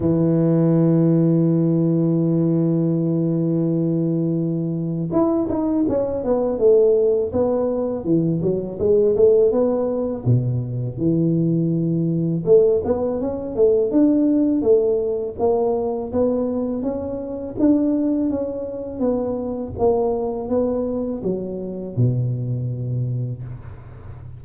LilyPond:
\new Staff \with { instrumentName = "tuba" } { \time 4/4 \tempo 4 = 82 e1~ | e2. e'8 dis'8 | cis'8 b8 a4 b4 e8 fis8 | gis8 a8 b4 b,4 e4~ |
e4 a8 b8 cis'8 a8 d'4 | a4 ais4 b4 cis'4 | d'4 cis'4 b4 ais4 | b4 fis4 b,2 | }